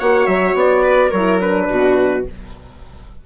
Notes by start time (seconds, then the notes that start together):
0.00 A#3 F#4 C#5 F#5
0.27 F#3 E5
0.55 B3 D5
0.83 B4
1.09 F#3 A#4 C#5
1.16 E4
1.41 D4 B4
1.70 B2 F#4